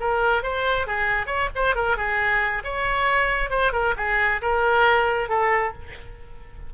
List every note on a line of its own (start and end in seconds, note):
0.00 0.43 A#4
0.43 0.87 C5
0.87 1.27 G#4
1.27 1.49 C#5
1.55 1.75 C5
1.75 1.97 A#4
1.97 2.63 G#4
2.64 3.50 C#5
3.50 3.72 C5
3.72 3.94 A#4
3.97 4.41 G#4
4.42 5.29 A#4
5.29 5.73 A4